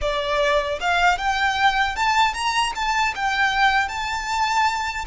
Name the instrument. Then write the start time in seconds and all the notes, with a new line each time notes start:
violin
0.01 D5
0.80 F5
1.18 G5
1.96 A5
2.34 A#5
2.75 A5
3.15 G5
3.88 A5